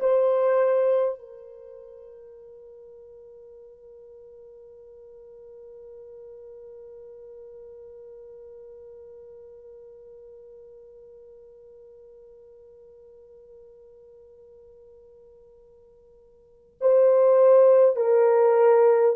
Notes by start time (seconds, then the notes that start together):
0.00 C5
1.19 A#4
16.81 C5
17.96 A#4